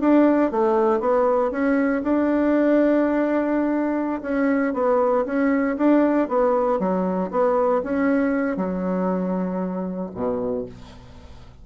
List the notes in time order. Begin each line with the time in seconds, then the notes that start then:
0.00 D4
0.51 A3
1.00 B3
1.51 C#4
2.03 D4
4.22 C#4
4.74 B3
5.26 C#4
5.77 D4
6.28 B3
6.79 F#3
7.31 B3
7.83 C#4
8.57 F#3
10.14 B2